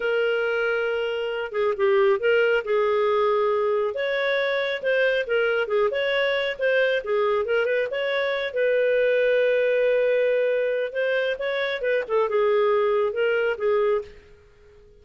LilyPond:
\new Staff \with { instrumentName = "clarinet" } { \time 4/4 \tempo 4 = 137 ais'2.~ ais'8 gis'8 | g'4 ais'4 gis'2~ | gis'4 cis''2 c''4 | ais'4 gis'8 cis''4. c''4 |
gis'4 ais'8 b'8 cis''4. b'8~ | b'1~ | b'4 c''4 cis''4 b'8 a'8 | gis'2 ais'4 gis'4 | }